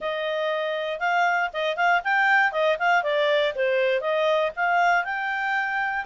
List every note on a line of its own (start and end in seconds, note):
0.00 0.99 D#5
0.99 1.50 F5
1.53 1.76 D#5
1.76 2.01 F5
2.04 2.52 G5
2.52 2.77 D#5
2.78 3.03 F5
3.03 3.53 D5
3.55 4.00 C5
4.00 4.51 D#5
4.55 5.04 F5
5.04 6.05 G5